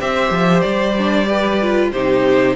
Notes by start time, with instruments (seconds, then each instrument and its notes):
0.00 cello C4, viola G4, violin C5 E5
0.30 cello F3
0.61 cello G3, violin D5
0.97 viola D4
1.26 viola G4, violin B4
1.62 viola F4
1.92 cello C3, viola D#4, violin G4 C5